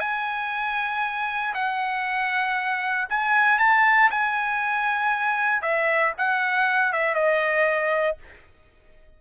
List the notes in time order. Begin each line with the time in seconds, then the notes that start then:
0.00 G#5
1.55 F#5
3.10 G#5
3.59 A5
4.10 G#5
5.62 E5
6.18 F#5
6.93 E5
7.15 D#5